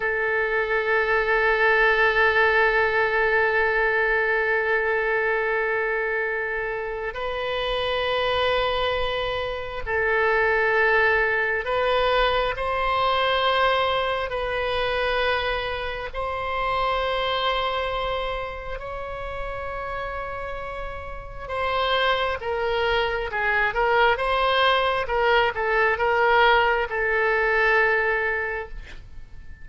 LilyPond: \new Staff \with { instrumentName = "oboe" } { \time 4/4 \tempo 4 = 67 a'1~ | a'1 | b'2. a'4~ | a'4 b'4 c''2 |
b'2 c''2~ | c''4 cis''2. | c''4 ais'4 gis'8 ais'8 c''4 | ais'8 a'8 ais'4 a'2 | }